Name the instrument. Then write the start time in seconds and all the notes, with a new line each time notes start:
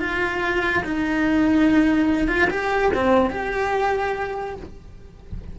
cello
0.00 F4
0.84 D#4
2.27 F4
2.50 G4
2.94 C4
3.30 G4